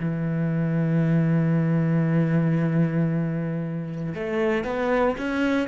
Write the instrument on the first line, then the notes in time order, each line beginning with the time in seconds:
cello
0.00 E3
4.15 A3
4.65 B3
5.18 C#4